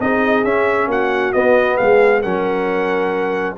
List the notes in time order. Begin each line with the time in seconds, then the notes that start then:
0.00 C4 D#4 G#4 D#5
0.44 C#4 E5
0.87 A#3 F#4 F#5
1.32 B3 D#5
1.77 G#3 G#4 F5
2.21 F#3 C#4 A#4 F#5